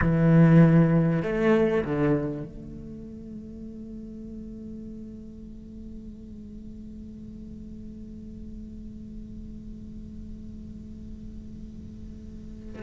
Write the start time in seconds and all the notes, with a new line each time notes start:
0.01 E3
1.22 A3
1.84 D3
2.44 A3